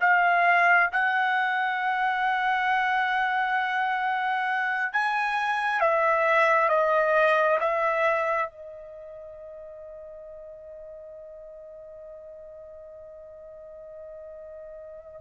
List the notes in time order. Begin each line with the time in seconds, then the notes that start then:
0.00 F5
0.92 F#5
4.93 G#5
5.80 E5
6.69 D#5
7.60 E5
8.49 D#5